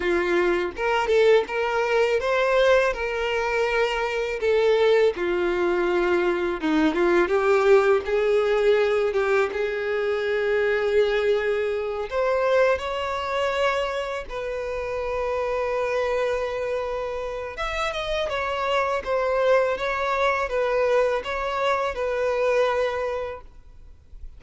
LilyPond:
\new Staff \with { instrumentName = "violin" } { \time 4/4 \tempo 4 = 82 f'4 ais'8 a'8 ais'4 c''4 | ais'2 a'4 f'4~ | f'4 dis'8 f'8 g'4 gis'4~ | gis'8 g'8 gis'2.~ |
gis'8 c''4 cis''2 b'8~ | b'1 | e''8 dis''8 cis''4 c''4 cis''4 | b'4 cis''4 b'2 | }